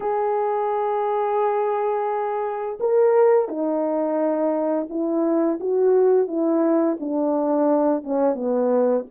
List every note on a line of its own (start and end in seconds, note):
0.00 2.78 G#4
2.80 3.48 A#4
3.48 4.88 D#4
4.89 5.59 E4
5.60 6.27 F#4
6.27 6.97 E4
7.00 8.03 D4
8.03 8.35 C#4
8.35 9.04 B3